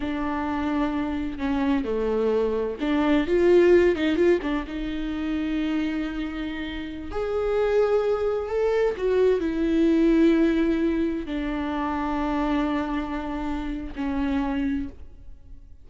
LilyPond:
\new Staff \with { instrumentName = "viola" } { \time 4/4 \tempo 4 = 129 d'2. cis'4 | a2 d'4 f'4~ | f'8 dis'8 f'8 d'8 dis'2~ | dis'2.~ dis'16 gis'8.~ |
gis'2~ gis'16 a'4 fis'8.~ | fis'16 e'2.~ e'8.~ | e'16 d'2.~ d'8.~ | d'2 cis'2 | }